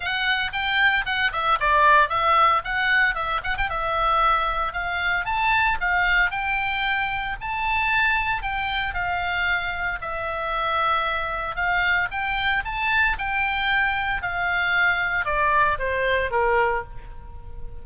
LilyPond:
\new Staff \with { instrumentName = "oboe" } { \time 4/4 \tempo 4 = 114 fis''4 g''4 fis''8 e''8 d''4 | e''4 fis''4 e''8 fis''16 g''16 e''4~ | e''4 f''4 a''4 f''4 | g''2 a''2 |
g''4 f''2 e''4~ | e''2 f''4 g''4 | a''4 g''2 f''4~ | f''4 d''4 c''4 ais'4 | }